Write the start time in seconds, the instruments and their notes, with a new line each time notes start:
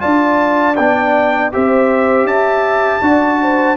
0.00 tuba D4, trombone F4, horn D5, trumpet A5
0.76 tuba B3, trombone D4, trumpet G5
1.53 tuba C4, trombone G4, horn C5, trumpet E5
2.25 tuba C#4, horn E5, trumpet A5
3.02 tuba D4, trombone F#4, horn D5
3.43 horn C5